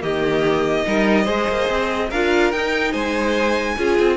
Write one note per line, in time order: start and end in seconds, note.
0.00 0.86 D#3
0.00 0.83 A#3
0.00 0.86 G4
0.00 2.11 D#5
0.86 1.28 G3
0.86 1.25 D#4
0.86 1.24 A#4
1.24 1.48 G#3
1.24 2.09 G#4
1.24 2.07 C5
1.49 1.70 A#3
1.70 2.11 C4
2.10 2.53 D4
2.10 2.53 F4
2.10 2.92 A#4
2.10 2.52 F5
2.52 3.78 D#4
2.52 2.93 D#4
2.52 2.93 G5
2.92 3.77 G#3
2.92 3.75 C5
2.92 4.17 G#5
3.78 3.99 C#4
3.78 4.17 F4
3.78 4.17 G#4
3.99 4.17 C4